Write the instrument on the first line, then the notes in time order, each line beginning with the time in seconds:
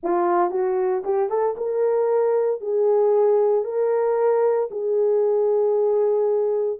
horn
0.03 F4
0.51 F#4
1.04 G4
1.29 A4
1.57 A#4
2.60 G#4
3.64 A#4
4.71 G#4